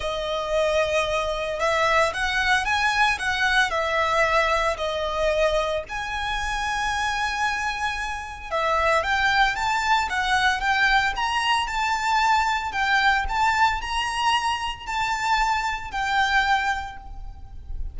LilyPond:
\new Staff \with { instrumentName = "violin" } { \time 4/4 \tempo 4 = 113 dis''2. e''4 | fis''4 gis''4 fis''4 e''4~ | e''4 dis''2 gis''4~ | gis''1 |
e''4 g''4 a''4 fis''4 | g''4 ais''4 a''2 | g''4 a''4 ais''2 | a''2 g''2 | }